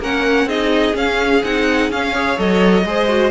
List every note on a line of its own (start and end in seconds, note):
0.00 0.45 A#3
0.00 0.49 C#4
0.00 0.48 A#4
0.00 0.49 F#5
0.45 0.92 C4
0.45 0.94 D#4
0.45 2.13 G#4
0.45 0.96 D#5
0.94 1.41 C#4
0.94 1.42 C#4
0.94 1.44 F5
1.43 1.90 C4
1.43 1.92 D#4
1.43 1.91 F#5
1.90 2.38 C#4
1.90 2.15 C#4
1.90 2.39 F5
2.13 2.37 G#4
2.13 2.84 C#5
2.37 2.85 F#3
2.37 2.84 A4
2.37 3.31 D#5
2.85 3.31 G#3
2.85 3.08 G#4
2.85 3.31 C5
3.08 3.31 F#4